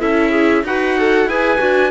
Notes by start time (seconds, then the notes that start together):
0.00 C#4 E4 A4 E5
0.30 G#4
0.64 D#4 F#4 B4 F#5
0.98 A4
1.26 E4 G#4 B4 G#5
1.59 D4 F#4